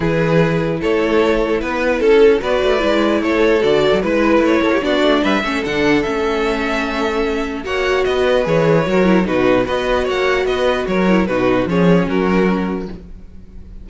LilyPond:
<<
  \new Staff \with { instrumentName = "violin" } { \time 4/4 \tempo 4 = 149 b'2 cis''2 | b'4 a'4 d''2 | cis''4 d''4 b'4 cis''4 | d''4 e''4 fis''4 e''4~ |
e''2. fis''4 | dis''4 cis''2 b'4 | dis''4 fis''4 dis''4 cis''4 | b'4 cis''4 ais'2 | }
  \new Staff \with { instrumentName = "violin" } { \time 4/4 gis'2 a'2 | b'4 a'4 b'2 | a'2 b'4. a'16 g'16 | fis'4 b'8 a'2~ a'8~ |
a'2. cis''4 | b'2 ais'4 fis'4 | b'4 cis''4 b'4 ais'4 | fis'4 gis'4 fis'2 | }
  \new Staff \with { instrumentName = "viola" } { \time 4/4 e'1~ | e'2 fis'4 e'4~ | e'4 fis'4 e'2 | d'4. cis'8 d'4 cis'4~ |
cis'2. fis'4~ | fis'4 gis'4 fis'8 e'8 dis'4 | fis'2.~ fis'8 e'8 | dis'4 cis'2. | }
  \new Staff \with { instrumentName = "cello" } { \time 4/4 e2 a2 | b4 cis'4 b8 a8 gis4 | a4 d8. fis16 gis4 a8 ais8 | b8 a8 g8 a8 d4 a4~ |
a2. ais4 | b4 e4 fis4 b,4 | b4 ais4 b4 fis4 | b,4 f4 fis2 | }
>>